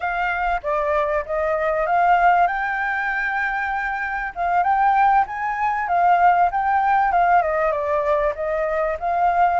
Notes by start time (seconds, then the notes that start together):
0.00 F5
0.62 D5
1.25 D#5
1.86 F5
2.47 G5
4.35 F5
4.63 G5
5.26 G#5
5.88 F5
6.51 G5
7.12 F5
7.41 D#5
7.71 D5
8.35 D#5
8.99 F5